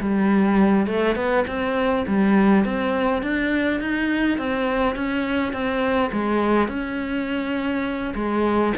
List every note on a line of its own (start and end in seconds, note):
0.00 0.87 G3
0.87 1.16 A3
1.16 1.45 B3
1.47 2.05 C4
2.07 2.65 G3
2.65 3.23 C4
3.23 3.80 D4
3.80 4.38 D#4
4.38 4.96 C4
4.96 5.53 C#4
5.53 6.11 C4
6.13 6.68 G#3
6.68 8.14 C#4
8.15 8.73 G#3